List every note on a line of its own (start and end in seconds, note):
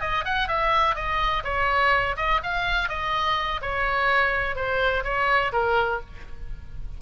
0.00 0.24 D#5
0.24 0.48 F#5
0.48 0.95 E5
0.95 1.43 D#5
1.44 2.16 C#5
2.16 2.40 D#5
2.43 2.88 F5
2.88 3.60 D#5
3.61 4.55 C#5
4.55 5.03 C5
5.04 5.52 C#5
5.52 6.00 A#4